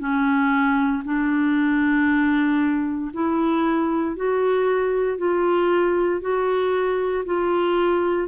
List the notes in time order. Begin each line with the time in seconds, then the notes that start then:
0.00 C#4
1.05 D4
3.14 E4
4.17 F#4
5.18 F4
6.21 F#4
7.26 F4